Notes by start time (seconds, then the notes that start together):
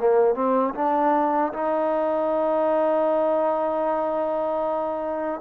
0.00 A#3
0.35 C4
0.75 D4
1.54 D#4